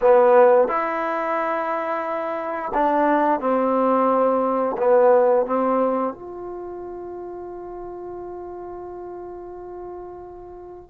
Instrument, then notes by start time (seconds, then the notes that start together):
trombone
0.01 B3
0.68 E4
2.74 D4
3.40 C4
4.77 B3
5.46 C4
6.13 F4